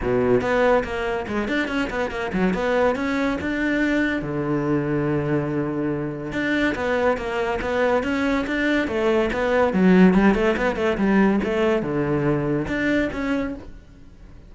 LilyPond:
\new Staff \with { instrumentName = "cello" } { \time 4/4 \tempo 4 = 142 b,4 b4 ais4 gis8 d'8 | cis'8 b8 ais8 fis8 b4 cis'4 | d'2 d2~ | d2. d'4 |
b4 ais4 b4 cis'4 | d'4 a4 b4 fis4 | g8 a8 b8 a8 g4 a4 | d2 d'4 cis'4 | }